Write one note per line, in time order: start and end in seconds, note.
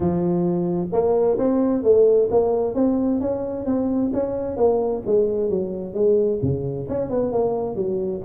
0.00 0.87 F3
0.92 1.38 A#3
1.38 1.83 C4
1.83 2.29 A3
2.30 2.74 A#3
2.74 3.20 C4
3.20 3.65 C#4
3.65 4.11 C4
4.13 4.56 C#4
4.56 5.02 A#3
5.06 5.49 G#3
5.49 5.94 F#3
5.94 6.39 G#3
6.42 6.87 C#3
6.88 7.10 C#4
7.10 7.32 B3
7.32 7.75 A#3
7.75 8.21 F#3